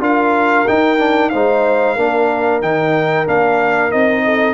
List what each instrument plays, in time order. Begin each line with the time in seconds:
0.00 tuba D4, trombone F4, horn A#4, trumpet F5
0.68 trombone D#4, tuba D#4, trumpet G5
0.99 trombone D4
1.29 tuba G#3, trombone D#4, horn C5, trumpet F5
1.96 tuba A#3, trombone D4, horn A#4
2.62 tuba D#3, trombone D#4, trumpet G5
3.26 tuba A#3, trombone D4, trumpet F5
3.91 tuba C4, trombone D#4, trumpet D#5
4.25 horn A4